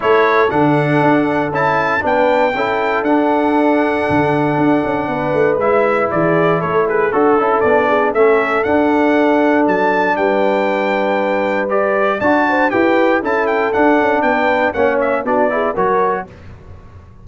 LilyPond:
<<
  \new Staff \with { instrumentName = "trumpet" } { \time 4/4 \tempo 4 = 118 cis''4 fis''2 a''4 | g''2 fis''2~ | fis''2. e''4 | d''4 cis''8 b'8 a'4 d''4 |
e''4 fis''2 a''4 | g''2. d''4 | a''4 g''4 a''8 g''8 fis''4 | g''4 fis''8 e''8 d''4 cis''4 | }
  \new Staff \with { instrumentName = "horn" } { \time 4/4 a'1 | b'4 a'2.~ | a'2 b'2 | gis'4 a'8 gis'8 a'4. gis'8 |
a'1 | b'1 | d''8 c''8 b'4 a'2 | b'4 cis''4 fis'8 gis'8 ais'4 | }
  \new Staff \with { instrumentName = "trombone" } { \time 4/4 e'4 d'2 e'4 | d'4 e'4 d'2~ | d'2. e'4~ | e'2 fis'8 e'8 d'4 |
cis'4 d'2.~ | d'2. g'4 | fis'4 g'4 e'4 d'4~ | d'4 cis'4 d'8 e'8 fis'4 | }
  \new Staff \with { instrumentName = "tuba" } { \time 4/4 a4 d4 d'4 cis'4 | b4 cis'4 d'2 | d4 d'8 cis'8 b8 a8 gis4 | e4 a4 d'8 cis'8 b4 |
a4 d'2 fis4 | g1 | d'4 e'4 cis'4 d'8 cis'8 | b4 ais4 b4 fis4 | }
>>